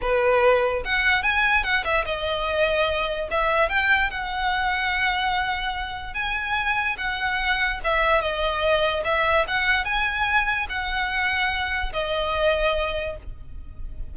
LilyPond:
\new Staff \with { instrumentName = "violin" } { \time 4/4 \tempo 4 = 146 b'2 fis''4 gis''4 | fis''8 e''8 dis''2. | e''4 g''4 fis''2~ | fis''2. gis''4~ |
gis''4 fis''2 e''4 | dis''2 e''4 fis''4 | gis''2 fis''2~ | fis''4 dis''2. | }